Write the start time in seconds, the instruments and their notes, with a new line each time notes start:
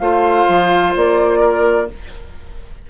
0.00 bassoon A3, clarinet F4, oboe C5, flute F5
0.48 bassoon F3
0.96 bassoon A#3, flute D5
1.40 oboe A#4